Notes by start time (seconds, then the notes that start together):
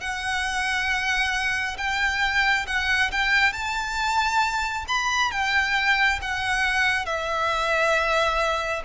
0.00 F#5
1.77 G5
2.66 F#5
3.11 G5
3.53 A5
4.88 B5
5.31 G5
6.22 F#5
7.05 E5